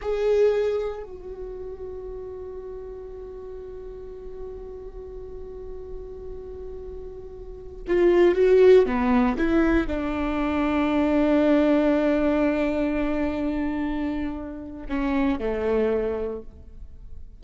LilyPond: \new Staff \with { instrumentName = "viola" } { \time 4/4 \tempo 4 = 117 gis'2 fis'2~ | fis'1~ | fis'1~ | fis'2.~ fis'16 f'8.~ |
f'16 fis'4 b4 e'4 d'8.~ | d'1~ | d'1~ | d'4 cis'4 a2 | }